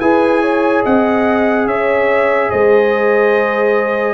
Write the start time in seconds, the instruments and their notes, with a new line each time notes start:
0.00 tuba E4, trombone G#4, horn B4, trumpet G#5
0.42 horn C#5
0.83 tuba C4, horn D#5, trumpet F#5
1.67 tuba C#4, horn C#5, trumpet E5
2.50 tuba G#3, horn C5, trumpet D#5